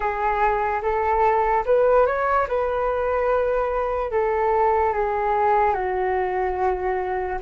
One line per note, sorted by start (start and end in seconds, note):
0.00 0.81 G#4
0.82 1.64 A4
1.65 2.06 B4
2.06 2.47 C#5
2.48 4.11 B4
4.11 4.93 A4
4.93 5.73 G#4
5.73 7.38 F#4